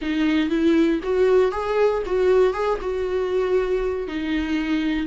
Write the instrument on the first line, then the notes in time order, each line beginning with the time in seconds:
viola
0.01 D#4
0.49 E4
1.03 F#4
1.51 G#4
2.05 F#4
2.53 G#4
2.81 F#4
4.07 D#4